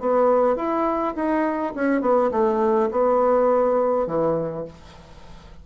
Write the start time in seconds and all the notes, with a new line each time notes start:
0.00 B3
0.56 E4
1.15 D#4
1.75 C#4
2.01 B3
2.31 A3
2.91 B3
4.07 E3